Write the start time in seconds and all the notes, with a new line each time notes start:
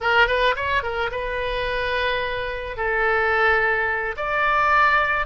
0.00 A#4
0.27 B4
0.56 C#5
0.82 A#4
1.11 B4
2.76 A4
4.16 D5